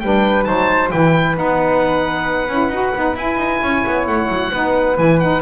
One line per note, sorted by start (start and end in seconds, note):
0.00 0.47 G3
0.00 0.46 D4
0.00 0.47 B4
0.00 0.44 G5
0.44 0.92 F#3
0.44 0.91 D#4
0.44 0.92 C5
0.44 0.89 A5
0.92 1.37 E3
0.92 1.35 E4
0.92 3.62 B4
0.92 1.37 G5
1.35 2.49 B3
1.35 2.48 D#4
1.35 3.19 F#5
2.49 2.70 C#4
2.49 2.73 E4
2.70 2.92 D#4
2.70 2.95 F#4
2.95 3.16 B3
2.95 3.17 D#4
3.16 3.37 E4
3.16 4.52 E4
3.16 4.08 G#5
3.37 3.60 D#4
3.63 3.85 C#4
3.63 4.52 C#5
3.87 4.07 B3
4.07 4.29 A3
4.07 4.98 F#5
4.29 4.51 F#3
4.52 4.98 B3
4.52 4.97 D#4
4.52 5.42 B4
4.97 5.42 E3
4.97 5.20 E4
4.97 5.20 G#5
5.20 5.42 D#4
5.20 5.42 F#5